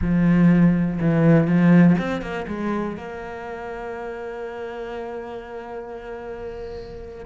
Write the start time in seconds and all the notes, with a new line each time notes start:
0.01 F3
1.00 E3
1.47 F3
1.98 C4
2.21 A#3
2.47 G#3
2.96 A#3